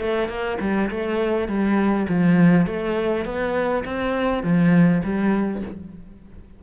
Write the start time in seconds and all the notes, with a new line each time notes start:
0.00 A3
0.28 A#3
0.60 G3
0.90 A3
1.48 G3
2.09 F3
2.66 A3
3.25 B3
3.84 C4
4.43 F3
5.03 G3